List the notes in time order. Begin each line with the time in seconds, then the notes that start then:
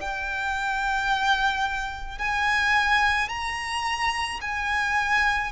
0.00 G5
2.19 G#5
3.29 A#5
4.41 G#5